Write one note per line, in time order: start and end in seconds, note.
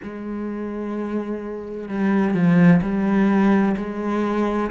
0.03 1.88 G#3
1.88 2.34 G3
2.34 2.80 F3
2.81 3.75 G3
3.77 4.70 G#3